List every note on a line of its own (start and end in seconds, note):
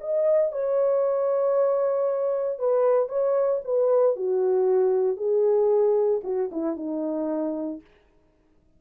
0.00 0.52 D#5
0.52 2.59 C#5
2.59 3.09 B4
3.09 3.61 C#5
3.64 4.16 B4
4.16 5.17 F#4
5.17 6.21 G#4
6.23 6.50 F#4
6.51 6.76 E4
6.76 7.80 D#4